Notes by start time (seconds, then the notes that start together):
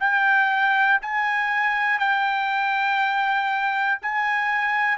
0.00 G5
1.01 G#5
1.99 G5
4.02 G#5